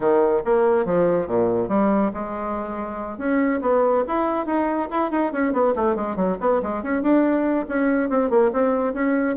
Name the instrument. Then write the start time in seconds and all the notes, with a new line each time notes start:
bassoon
0.00 D#3
0.44 A#3
0.85 F3
1.27 A#2
1.68 G3
2.13 G#3
3.18 C#4
3.61 B3
4.07 E4
4.45 D#4
4.91 E4
5.11 D#4
5.32 C#4
5.52 B3
5.75 A3
5.95 G#3
6.15 F#3
6.40 B3
6.62 G#3
6.83 C#4
7.02 D4
7.68 C#4
8.09 C4
8.30 A#3
8.52 C4
8.93 C#4